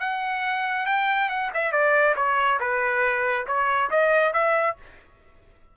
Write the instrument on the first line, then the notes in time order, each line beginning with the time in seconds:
trumpet
0.00 F#5
0.86 G5
1.29 F#5
1.54 E5
1.72 D5
2.16 C#5
2.60 B4
3.47 C#5
3.91 D#5
4.33 E5